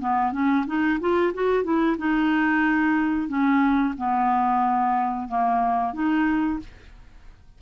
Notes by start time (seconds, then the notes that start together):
0.00 B3
0.32 C#4
0.67 D#4
1.00 F4
1.34 F#4
1.64 E4
1.98 D#4
3.28 C#4
3.97 B3
5.28 A#3
5.93 D#4